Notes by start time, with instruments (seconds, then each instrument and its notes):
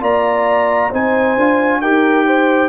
0.00 tuba A#3, trombone F4, horn D5, trumpet A#5
0.89 tuba C4, trombone D#4, horn C5, trumpet G#5
1.36 tuba D4, trombone F4
1.81 tuba D#4, trombone G4, horn A#4, trumpet G5
2.26 horn C5